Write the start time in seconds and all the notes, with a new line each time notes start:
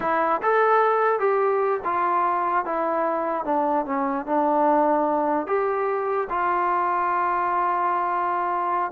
0.00 E4
0.42 A4
1.19 G4
1.84 F4
2.65 E4
3.45 D4
3.85 C#4
4.25 D4
5.46 G4
6.29 F4